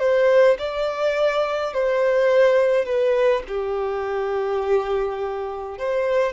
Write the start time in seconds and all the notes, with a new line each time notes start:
0.00 C5
0.59 D5
1.74 C5
2.86 B4
3.48 G4
5.78 C5